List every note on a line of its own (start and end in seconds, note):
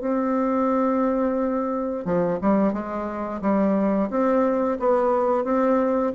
0.00 2.05 C4
2.05 2.39 F3
2.41 2.72 G3
2.72 3.41 G#3
3.41 4.09 G3
4.10 4.78 C4
4.79 5.44 B3
5.44 6.12 C4